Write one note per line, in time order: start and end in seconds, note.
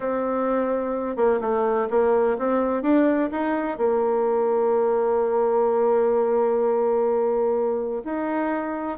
0.00 1.16 C4
1.16 1.40 A#3
1.40 1.88 A3
1.90 2.37 A#3
2.38 2.82 C4
2.82 3.29 D4
3.31 3.77 D#4
3.77 8.02 A#3
8.04 8.97 D#4